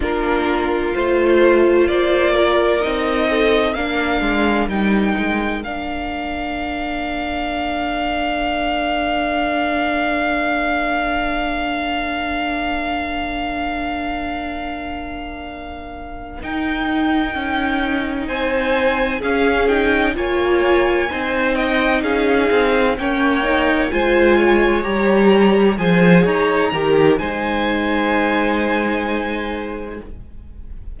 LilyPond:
<<
  \new Staff \with { instrumentName = "violin" } { \time 4/4 \tempo 4 = 64 ais'4 c''4 d''4 dis''4 | f''4 g''4 f''2~ | f''1~ | f''1~ |
f''4. g''2 gis''8~ | gis''8 f''8 g''8 gis''4. g''8 f''8~ | f''8 g''4 gis''4 ais''4 gis''8 | ais''4 gis''2. | }
  \new Staff \with { instrumentName = "violin" } { \time 4/4 f'2 c''8 ais'4 a'8 | ais'1~ | ais'1~ | ais'1~ |
ais'2.~ ais'8 c''8~ | c''8 gis'4 cis''4 c''8 dis''8 gis'8~ | gis'8 cis''4 c''8 cis''4. c''8 | cis''8 ais'8 c''2. | }
  \new Staff \with { instrumentName = "viola" } { \time 4/4 d'4 f'2 dis'4 | d'4 dis'4 d'2~ | d'1~ | d'1~ |
d'4. dis'2~ dis'8~ | dis'8 cis'8 dis'8 f'4 dis'4.~ | dis'8 cis'8 dis'8 f'4 g'4 gis'8~ | gis'8 g'8 dis'2. | }
  \new Staff \with { instrumentName = "cello" } { \time 4/4 ais4 a4 ais4 c'4 | ais8 gis8 g8 gis8 ais2~ | ais1~ | ais1~ |
ais4. dis'4 cis'4 c'8~ | c'8 cis'4 ais4 c'4 cis'8 | c'8 ais4 gis4 g4 f8 | dis'8 dis8 gis2. | }
>>